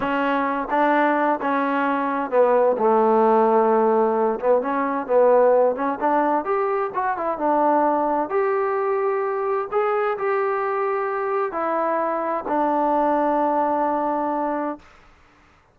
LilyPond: \new Staff \with { instrumentName = "trombone" } { \time 4/4 \tempo 4 = 130 cis'4. d'4. cis'4~ | cis'4 b4 a2~ | a4. b8 cis'4 b4~ | b8 cis'8 d'4 g'4 fis'8 e'8 |
d'2 g'2~ | g'4 gis'4 g'2~ | g'4 e'2 d'4~ | d'1 | }